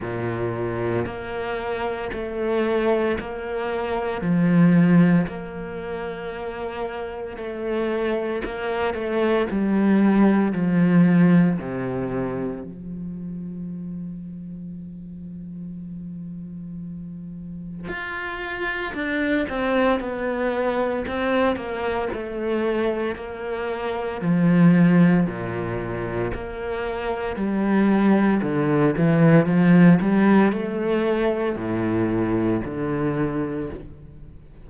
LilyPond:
\new Staff \with { instrumentName = "cello" } { \time 4/4 \tempo 4 = 57 ais,4 ais4 a4 ais4 | f4 ais2 a4 | ais8 a8 g4 f4 c4 | f1~ |
f4 f'4 d'8 c'8 b4 | c'8 ais8 a4 ais4 f4 | ais,4 ais4 g4 d8 e8 | f8 g8 a4 a,4 d4 | }